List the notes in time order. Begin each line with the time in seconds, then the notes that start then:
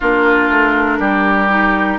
0.00 A#3 D4 F4 A#4
0.49 A3
0.99 G3 G4
1.49 D#4